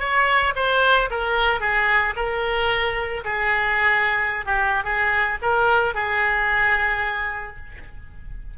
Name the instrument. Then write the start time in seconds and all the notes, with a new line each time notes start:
oboe
0.00 C#5
0.56 C5
1.11 A#4
1.61 G#4
2.16 A#4
3.25 G#4
4.46 G4
4.85 G#4
5.42 A#4
5.95 G#4